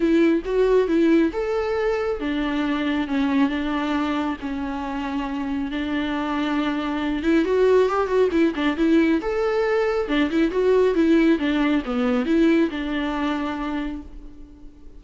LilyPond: \new Staff \with { instrumentName = "viola" } { \time 4/4 \tempo 4 = 137 e'4 fis'4 e'4 a'4~ | a'4 d'2 cis'4 | d'2 cis'2~ | cis'4 d'2.~ |
d'8 e'8 fis'4 g'8 fis'8 e'8 d'8 | e'4 a'2 d'8 e'8 | fis'4 e'4 d'4 b4 | e'4 d'2. | }